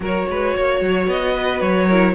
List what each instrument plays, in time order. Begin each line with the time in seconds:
0.00 cello F#3, viola F#4, violin A#4 C#5
0.29 cello G#3, violin B4
0.56 cello A#3, violin C#5
0.80 cello F#3
1.07 cello B3, violin D#5
1.33 violin B4
1.61 cello F#3, violin C#5
1.87 viola E4, violin A#4